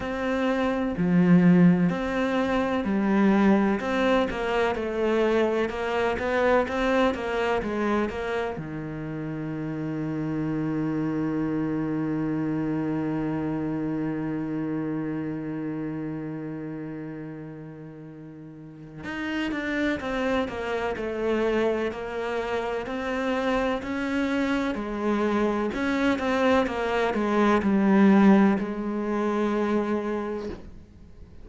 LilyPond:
\new Staff \with { instrumentName = "cello" } { \time 4/4 \tempo 4 = 63 c'4 f4 c'4 g4 | c'8 ais8 a4 ais8 b8 c'8 ais8 | gis8 ais8 dis2.~ | dis1~ |
dis1 | dis'8 d'8 c'8 ais8 a4 ais4 | c'4 cis'4 gis4 cis'8 c'8 | ais8 gis8 g4 gis2 | }